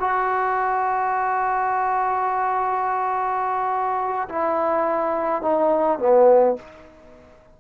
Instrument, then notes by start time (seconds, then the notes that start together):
trombone
0.00 F#4
4.29 E4
5.42 D#4
5.99 B3